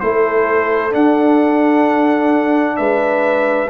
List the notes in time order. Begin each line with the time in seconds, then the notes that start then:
0.00 A3 E4 A4 C5
0.90 D4 F#5
2.76 G#3 B4 E5